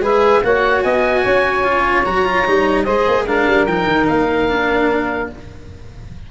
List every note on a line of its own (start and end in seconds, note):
0.00 0.41 G#3
0.00 0.42 G#4
0.00 0.42 B4
0.00 0.44 E5
0.43 0.84 A#3
0.43 1.64 F#4
0.43 0.83 C#5
0.43 0.83 F#5
0.83 1.24 B3
0.83 1.22 D#5
0.83 2.04 G#5
1.22 2.06 C#4
1.22 2.84 C#5
1.64 2.04 F4
2.05 2.46 F#3
2.05 2.25 F#4
2.05 2.84 A#5
2.25 2.45 F4
2.46 2.86 G3
2.46 2.86 D#4
2.84 3.07 G#3
2.84 3.27 G#4
2.84 3.24 C5
2.84 3.25 D#5
3.07 3.26 A#3
3.26 3.46 G#3
3.26 3.67 D4
3.26 5.29 A#4
3.26 3.66 F5
3.47 3.67 G3
3.66 3.86 F3
3.66 4.48 D#4
3.66 4.07 G5
3.86 4.06 D#3
4.08 5.31 A#3
4.08 5.29 F5
4.48 5.29 D4